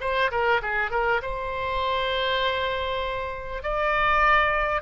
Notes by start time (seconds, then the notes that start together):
0.00 C5
0.31 A#4
0.61 G#4
0.91 A#4
1.22 C5
3.62 D5